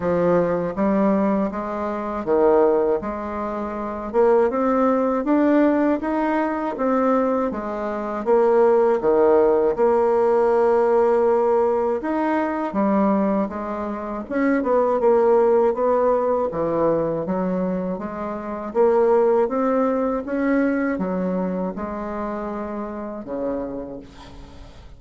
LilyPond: \new Staff \with { instrumentName = "bassoon" } { \time 4/4 \tempo 4 = 80 f4 g4 gis4 dis4 | gis4. ais8 c'4 d'4 | dis'4 c'4 gis4 ais4 | dis4 ais2. |
dis'4 g4 gis4 cis'8 b8 | ais4 b4 e4 fis4 | gis4 ais4 c'4 cis'4 | fis4 gis2 cis4 | }